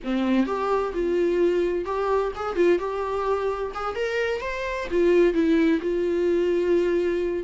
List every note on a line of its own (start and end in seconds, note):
0.03 0.46 C4
0.46 0.92 G4
0.93 1.85 F4
1.85 2.32 G4
2.35 2.55 G#4
2.55 2.78 F4
2.79 3.72 G4
3.74 3.95 G#4
3.95 4.41 A#4
4.41 4.87 C5
4.90 5.33 F4
5.33 5.80 E4
5.81 7.44 F4